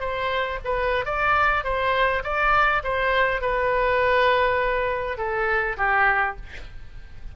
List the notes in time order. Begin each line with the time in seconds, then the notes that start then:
0.00 C5
0.64 B4
1.05 D5
1.64 C5
2.24 D5
2.83 C5
3.41 B4
5.18 A4
5.77 G4